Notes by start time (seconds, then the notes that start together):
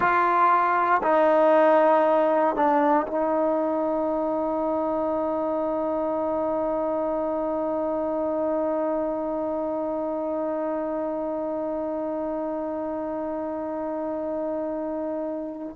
0.00 F4
1.03 D#4
2.55 D4
3.07 D#4